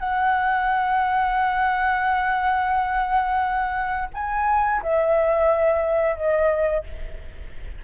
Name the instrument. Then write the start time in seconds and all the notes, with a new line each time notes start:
flute
0.00 F#5
4.14 G#5
4.83 E5
6.16 D#5